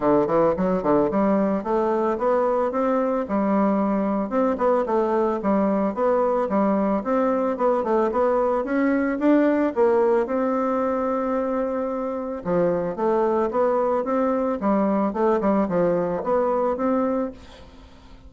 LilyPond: \new Staff \with { instrumentName = "bassoon" } { \time 4/4 \tempo 4 = 111 d8 e8 fis8 d8 g4 a4 | b4 c'4 g2 | c'8 b8 a4 g4 b4 | g4 c'4 b8 a8 b4 |
cis'4 d'4 ais4 c'4~ | c'2. f4 | a4 b4 c'4 g4 | a8 g8 f4 b4 c'4 | }